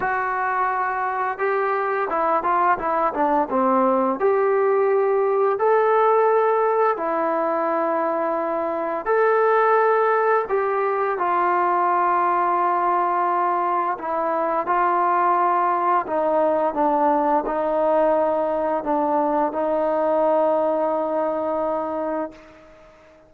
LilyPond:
\new Staff \with { instrumentName = "trombone" } { \time 4/4 \tempo 4 = 86 fis'2 g'4 e'8 f'8 | e'8 d'8 c'4 g'2 | a'2 e'2~ | e'4 a'2 g'4 |
f'1 | e'4 f'2 dis'4 | d'4 dis'2 d'4 | dis'1 | }